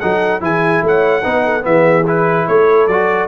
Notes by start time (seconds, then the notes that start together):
0.00 F#3 D#4 A4 F#5
0.40 E3 E4 G#4 G#5
0.83 A3 C#5 F#5
1.23 B3 D#4 B4
1.45 A4
1.62 E3 B3 G#4 E5
2.07 E4 B4
2.48 A3 A4 C#5
2.87 F#3 F#4 D5